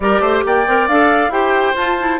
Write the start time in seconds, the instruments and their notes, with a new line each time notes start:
0.00 bassoon G3, clarinet G4, oboe A#4, flute D5
0.20 bassoon A3, oboe C5
0.45 bassoon A#3, oboe D5, flute G5
0.66 bassoon C4, clarinet A#4
0.88 bassoon D4, clarinet A4, flute F5
1.28 bassoon E4, clarinet G4, oboe C5, flute G5
1.75 bassoon F4, clarinet F4, flute A5
1.98 clarinet E4